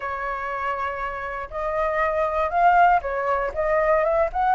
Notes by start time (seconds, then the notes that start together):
0.00 C#5
1.50 D#5
2.50 F5
3.01 C#5
3.54 D#5
4.04 E5
4.32 F#5